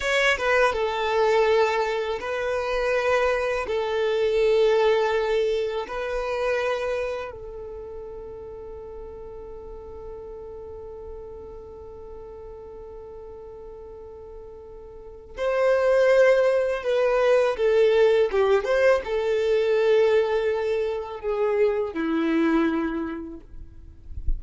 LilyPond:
\new Staff \with { instrumentName = "violin" } { \time 4/4 \tempo 4 = 82 cis''8 b'8 a'2 b'4~ | b'4 a'2. | b'2 a'2~ | a'1~ |
a'1~ | a'4 c''2 b'4 | a'4 g'8 c''8 a'2~ | a'4 gis'4 e'2 | }